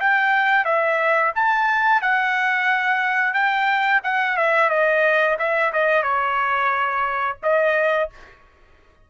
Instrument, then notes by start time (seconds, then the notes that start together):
trumpet
0.00 G5
0.65 E5
1.35 A5
2.02 F#5
3.33 G5
4.04 F#5
4.37 E5
4.70 D#5
5.39 E5
5.73 D#5
6.03 C#5
7.43 D#5